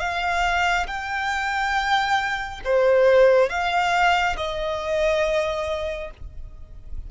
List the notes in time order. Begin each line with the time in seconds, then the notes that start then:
0.00 F5
0.87 G5
2.65 C5
3.49 F5
4.37 D#5